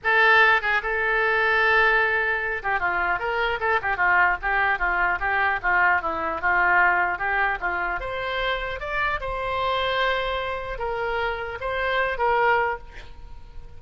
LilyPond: \new Staff \with { instrumentName = "oboe" } { \time 4/4 \tempo 4 = 150 a'4. gis'8 a'2~ | a'2~ a'8 g'8 f'4 | ais'4 a'8 g'8 f'4 g'4 | f'4 g'4 f'4 e'4 |
f'2 g'4 f'4 | c''2 d''4 c''4~ | c''2. ais'4~ | ais'4 c''4. ais'4. | }